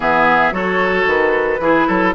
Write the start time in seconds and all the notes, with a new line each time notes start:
0.00 E3 B3 G#4 E5
0.51 F#3 F#4 A4 C#5
1.06 D#3 B4
1.59 E3 E4 G#4
1.87 F#3 A4